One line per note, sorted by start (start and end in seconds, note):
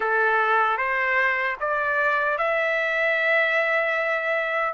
0.00 0.77 A4
0.77 1.56 C5
1.60 2.38 D5
2.38 4.73 E5